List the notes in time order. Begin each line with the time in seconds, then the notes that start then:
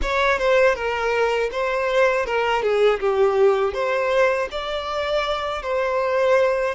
0.01 C#5
0.38 C5
0.75 A#4
1.51 C5
2.26 A#4
2.62 G#4
3.00 G4
3.73 C5
4.51 D5
5.62 C5